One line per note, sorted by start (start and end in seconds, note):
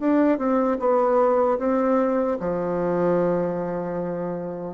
0.00 0.38 D4
0.38 0.78 C4
0.80 1.59 B3
1.59 2.38 C4
2.40 4.74 F3